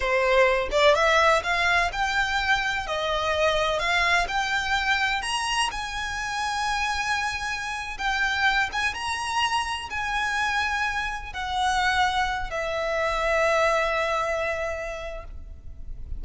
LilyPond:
\new Staff \with { instrumentName = "violin" } { \time 4/4 \tempo 4 = 126 c''4. d''8 e''4 f''4 | g''2 dis''2 | f''4 g''2 ais''4 | gis''1~ |
gis''8. g''4. gis''8 ais''4~ ais''16~ | ais''8. gis''2. fis''16~ | fis''2~ fis''16 e''4.~ e''16~ | e''1 | }